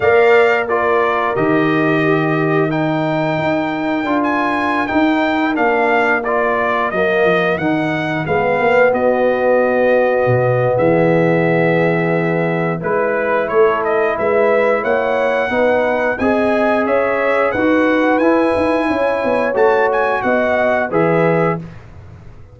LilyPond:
<<
  \new Staff \with { instrumentName = "trumpet" } { \time 4/4 \tempo 4 = 89 f''4 d''4 dis''2 | g''2~ g''16 gis''4 g''8.~ | g''16 f''4 d''4 dis''4 fis''8.~ | fis''16 f''4 dis''2~ dis''8. |
e''2. b'4 | cis''8 dis''8 e''4 fis''2 | gis''4 e''4 fis''4 gis''4~ | gis''4 a''8 gis''8 fis''4 e''4 | }
  \new Staff \with { instrumentName = "horn" } { \time 4/4 d''4 ais'2 g'4 | ais'1~ | ais'1~ | ais'16 b'4 fis'2~ fis'8. |
gis'2. b'4 | a'4 b'4 cis''4 b'4 | dis''4 cis''4 b'2 | cis''2 dis''4 b'4 | }
  \new Staff \with { instrumentName = "trombone" } { \time 4/4 ais'4 f'4 g'2 | dis'2 f'4~ f'16 dis'8.~ | dis'16 d'4 f'4 ais4 dis'8.~ | dis'16 b2.~ b8.~ |
b2. e'4~ | e'2. dis'4 | gis'2 fis'4 e'4~ | e'4 fis'2 gis'4 | }
  \new Staff \with { instrumentName = "tuba" } { \time 4/4 ais2 dis2~ | dis4 dis'4 d'4~ d'16 dis'8.~ | dis'16 ais2 fis8 f8 dis8.~ | dis16 gis8 ais8 b2 b,8. |
e2. gis4 | a4 gis4 ais4 b4 | c'4 cis'4 dis'4 e'8 dis'8 | cis'8 b8 a4 b4 e4 | }
>>